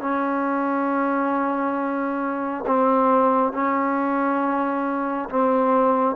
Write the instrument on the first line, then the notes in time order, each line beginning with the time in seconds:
trombone
0.00 C#4
2.67 C4
3.53 C#4
5.29 C4